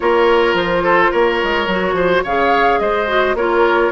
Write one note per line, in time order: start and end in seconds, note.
0.00 0.53 A#3
0.00 1.68 F4
0.00 0.83 A#4
0.00 0.55 C#5
0.53 1.09 F3
0.53 1.12 C5
0.83 1.11 A4
1.11 1.41 A#3
1.11 1.95 A#4
1.11 2.24 C#5
1.43 1.67 G#3
1.67 1.93 F#3
1.67 2.25 F#4
1.93 2.21 F3
1.93 2.23 C5
2.23 2.79 C#3
2.23 3.07 G#4
2.23 2.79 C#5
2.23 2.79 F5
2.79 3.34 G#3
2.79 3.36 C5
2.79 3.35 D#5
3.07 3.35 F#4
3.34 3.90 A#3
3.34 3.92 F4
3.34 3.92 A#4
3.34 3.92 C#5